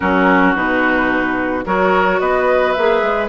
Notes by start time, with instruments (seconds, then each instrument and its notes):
0.00 bassoon F#3, clarinet C#4, oboe F#4, flute A#4
0.54 bassoon B2, clarinet D#4, flute B4
1.65 bassoon F#3, clarinet F#4, oboe A#4, flute C#5
2.19 bassoon B3, oboe B4, flute D#5
2.72 bassoon A#3, clarinet G#4, flute E5
3.01 bassoon G#3